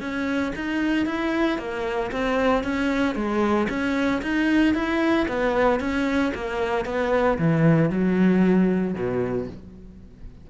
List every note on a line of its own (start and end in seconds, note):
0.00 0.53 C#4
0.56 1.06 D#4
1.06 1.58 E4
1.58 2.11 A#3
2.11 2.63 C4
2.63 3.15 C#4
3.15 3.67 G#3
3.69 4.22 C#4
4.22 4.74 D#4
4.74 5.27 E4
5.28 5.80 B3
5.80 6.32 C#4
6.34 6.85 A#3
6.85 7.38 B3
7.38 7.90 E3
7.90 8.94 F#3
8.94 9.47 B2